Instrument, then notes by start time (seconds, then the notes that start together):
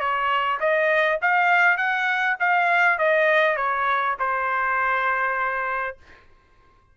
trumpet
0.00 C#5
0.60 D#5
1.22 F5
1.77 F#5
2.40 F5
2.99 D#5
3.57 C#5
4.19 C5